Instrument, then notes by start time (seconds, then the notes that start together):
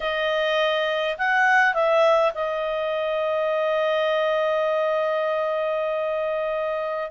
clarinet
0.00 D#5
1.18 F#5
1.74 E5
2.34 D#5